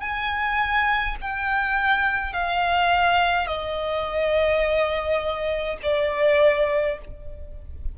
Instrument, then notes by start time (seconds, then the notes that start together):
violin
0.00 G#5
1.21 G5
2.33 F5
3.47 D#5
5.83 D5